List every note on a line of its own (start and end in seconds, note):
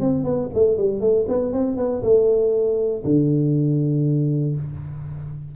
0.00 0.24 C4
0.24 0.50 B3
0.54 0.77 A3
0.77 1.00 G3
1.00 1.26 A3
1.28 1.52 B3
1.52 1.77 C4
1.77 2.02 B3
2.03 3.03 A3
3.04 4.55 D3